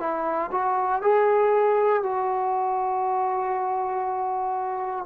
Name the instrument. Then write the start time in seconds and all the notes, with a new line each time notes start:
trombone
0.00 E4
0.52 F#4
1.03 G#4
2.03 F#4